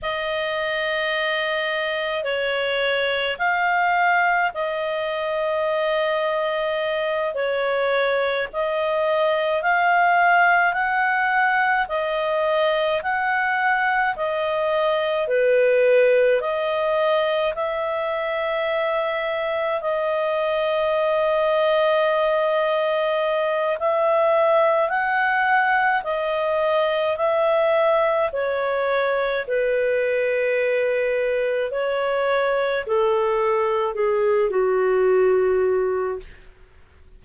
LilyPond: \new Staff \with { instrumentName = "clarinet" } { \time 4/4 \tempo 4 = 53 dis''2 cis''4 f''4 | dis''2~ dis''8 cis''4 dis''8~ | dis''8 f''4 fis''4 dis''4 fis''8~ | fis''8 dis''4 b'4 dis''4 e''8~ |
e''4. dis''2~ dis''8~ | dis''4 e''4 fis''4 dis''4 | e''4 cis''4 b'2 | cis''4 a'4 gis'8 fis'4. | }